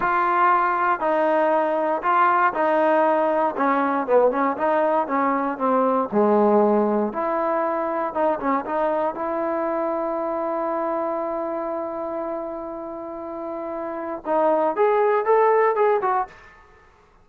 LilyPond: \new Staff \with { instrumentName = "trombone" } { \time 4/4 \tempo 4 = 118 f'2 dis'2 | f'4 dis'2 cis'4 | b8 cis'8 dis'4 cis'4 c'4 | gis2 e'2 |
dis'8 cis'8 dis'4 e'2~ | e'1~ | e'1 | dis'4 gis'4 a'4 gis'8 fis'8 | }